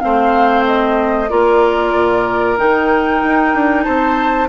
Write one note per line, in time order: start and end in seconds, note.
0.00 1.31 A3
0.00 1.28 C4
0.00 1.30 C5
0.00 0.64 F5
0.66 1.29 D#5
1.29 1.95 A#3
1.29 2.57 F4
1.29 3.84 A#4
1.29 2.57 D5
1.95 2.58 A#2
2.57 3.22 D#3
2.57 4.49 D#4
2.57 3.84 G5
3.24 3.54 D#4
3.54 3.86 D4
3.84 4.49 C4
3.84 4.48 C5
3.84 4.47 A5